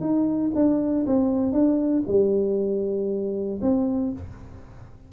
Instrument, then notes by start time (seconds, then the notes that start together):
tuba
0.00 D#4
0.54 D4
1.06 C4
1.52 D4
2.07 G3
3.61 C4